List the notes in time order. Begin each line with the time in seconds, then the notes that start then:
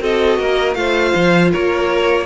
0.00 C4 F#4 A4 D#5
0.39 A#3 A#4
0.74 A3 F4 C5 F5
1.15 F3
1.51 A#3 A#4 C#5